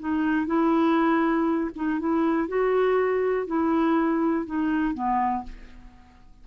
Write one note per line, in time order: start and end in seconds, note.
0.00 0.47 D#4
0.47 1.71 E4
1.76 2.00 D#4
2.00 2.49 E4
2.49 3.47 F#4
3.47 4.47 E4
4.47 4.95 D#4
4.95 5.44 B3